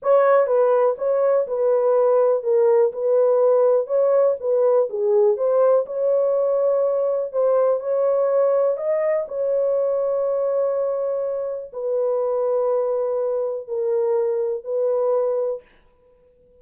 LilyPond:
\new Staff \with { instrumentName = "horn" } { \time 4/4 \tempo 4 = 123 cis''4 b'4 cis''4 b'4~ | b'4 ais'4 b'2 | cis''4 b'4 gis'4 c''4 | cis''2. c''4 |
cis''2 dis''4 cis''4~ | cis''1 | b'1 | ais'2 b'2 | }